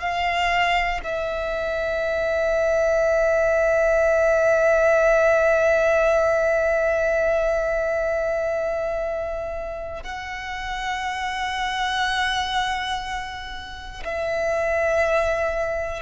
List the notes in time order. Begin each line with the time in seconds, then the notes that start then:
0.00 F5
1.03 E5
10.03 F#5
14.05 E5